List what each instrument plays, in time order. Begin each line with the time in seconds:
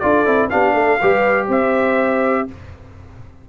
0.00 tuba D4, trombone F4, horn A4, trumpet D5
0.26 tuba C4, trombone E4
0.50 tuba B3, trombone D4, horn G4, trumpet F5
0.74 tuba A3, horn A4
1.02 tuba G3, trombone G4, horn B4
1.48 tuba C4, horn C5, trumpet E5